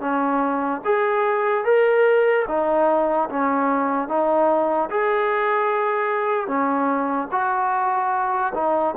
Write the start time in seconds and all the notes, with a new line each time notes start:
0.00 C#4
0.84 G#4
1.65 A#4
2.48 D#4
3.30 C#4
4.08 D#4
4.90 G#4
6.47 C#4
7.31 F#4
8.54 D#4